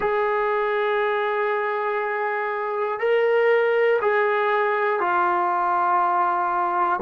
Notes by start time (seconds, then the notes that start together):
0.00 G#4
2.99 A#4
4.01 G#4
5.00 F4